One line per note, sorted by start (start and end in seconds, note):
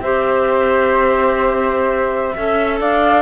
0.00 2.32 C4
0.00 2.35 G4
0.00 2.35 C5
0.00 2.77 E5
2.35 2.81 C#4
2.35 3.22 A4
2.35 2.79 E5
2.80 3.22 D4
2.80 3.22 D5
2.80 3.22 F5